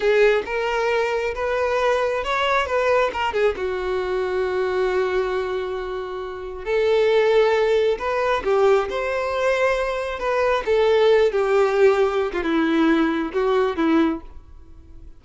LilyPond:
\new Staff \with { instrumentName = "violin" } { \time 4/4 \tempo 4 = 135 gis'4 ais'2 b'4~ | b'4 cis''4 b'4 ais'8 gis'8 | fis'1~ | fis'2. a'4~ |
a'2 b'4 g'4 | c''2. b'4 | a'4. g'2~ g'16 f'16 | e'2 fis'4 e'4 | }